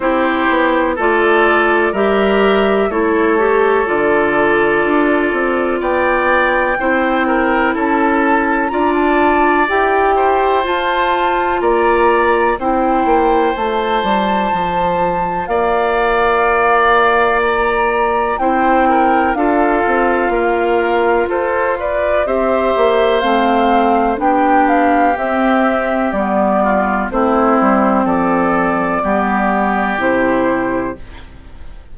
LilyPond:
<<
  \new Staff \with { instrumentName = "flute" } { \time 4/4 \tempo 4 = 62 c''4 d''4 e''4 cis''4 | d''2 g''2 | a''4 ais''16 a''8. g''4 a''4 | ais''4 g''4 a''2 |
f''2 ais''4 g''4 | f''2 c''8 d''8 e''4 | f''4 g''8 f''8 e''4 d''4 | c''4 d''2 c''4 | }
  \new Staff \with { instrumentName = "oboe" } { \time 4/4 g'4 a'4 ais'4 a'4~ | a'2 d''4 c''8 ais'8 | a'4 d''4. c''4. | d''4 c''2. |
d''2. c''8 ais'8 | a'4 ais'4 a'8 b'8 c''4~ | c''4 g'2~ g'8 f'8 | e'4 a'4 g'2 | }
  \new Staff \with { instrumentName = "clarinet" } { \time 4/4 e'4 f'4 g'4 e'8 g'8 | f'2. e'4~ | e'4 f'4 g'4 f'4~ | f'4 e'4 f'2~ |
f'2. e'4 | f'2. g'4 | c'4 d'4 c'4 b4 | c'2 b4 e'4 | }
  \new Staff \with { instrumentName = "bassoon" } { \time 4/4 c'8 b8 a4 g4 a4 | d4 d'8 c'8 b4 c'4 | cis'4 d'4 e'4 f'4 | ais4 c'8 ais8 a8 g8 f4 |
ais2. c'4 | d'8 c'8 ais4 f'4 c'8 ais8 | a4 b4 c'4 g4 | a8 g8 f4 g4 c4 | }
>>